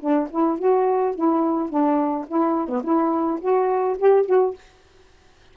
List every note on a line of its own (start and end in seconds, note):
0.00 0.28 D4
0.31 0.59 E4
0.59 1.16 F#4
1.16 1.70 E4
1.70 2.26 D4
2.27 2.68 E4
2.68 2.83 B3
2.84 3.40 E4
3.41 3.97 F#4
3.99 4.26 G4
4.26 4.54 F#4